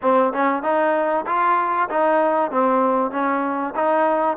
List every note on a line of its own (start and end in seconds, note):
0.01 0.33 C4
0.33 0.62 C#4
0.62 1.25 D#4
1.26 1.89 F4
1.89 2.51 D#4
2.51 3.11 C4
3.11 3.73 C#4
3.75 4.37 D#4